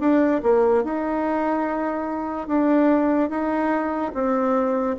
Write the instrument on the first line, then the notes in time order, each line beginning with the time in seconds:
bassoon
0.00 D4
0.43 A#3
0.84 D#4
2.47 D4
3.30 D#4
4.14 C4